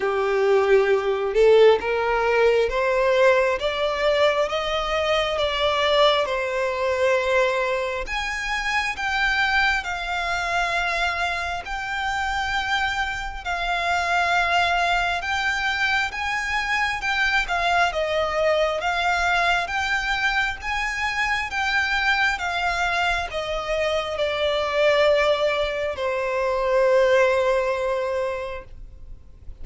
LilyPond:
\new Staff \with { instrumentName = "violin" } { \time 4/4 \tempo 4 = 67 g'4. a'8 ais'4 c''4 | d''4 dis''4 d''4 c''4~ | c''4 gis''4 g''4 f''4~ | f''4 g''2 f''4~ |
f''4 g''4 gis''4 g''8 f''8 | dis''4 f''4 g''4 gis''4 | g''4 f''4 dis''4 d''4~ | d''4 c''2. | }